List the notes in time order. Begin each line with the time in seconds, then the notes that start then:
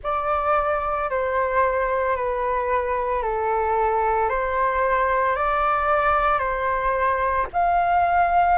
0.03 D5
1.10 C5
2.16 B4
3.22 A4
4.29 C5
5.35 D5
6.38 C5
7.52 F5